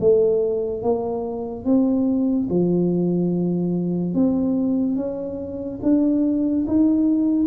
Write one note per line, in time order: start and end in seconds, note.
0.00 0.83 A3
0.83 1.65 A#3
1.65 2.48 C4
2.50 4.14 F3
4.14 4.96 C4
4.96 5.80 C#4
5.83 6.66 D4
6.67 7.47 D#4